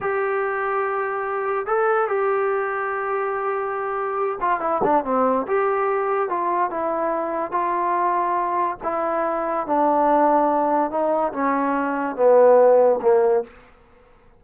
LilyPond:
\new Staff \with { instrumentName = "trombone" } { \time 4/4 \tempo 4 = 143 g'1 | a'4 g'2.~ | g'2~ g'8 f'8 e'8 d'8 | c'4 g'2 f'4 |
e'2 f'2~ | f'4 e'2 d'4~ | d'2 dis'4 cis'4~ | cis'4 b2 ais4 | }